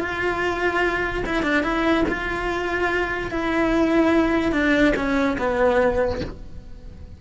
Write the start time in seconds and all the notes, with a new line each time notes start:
0.00 F4
1.27 E4
1.43 D4
1.64 E4
2.09 F4
3.32 E4
4.53 D4
4.96 C#4
5.38 B3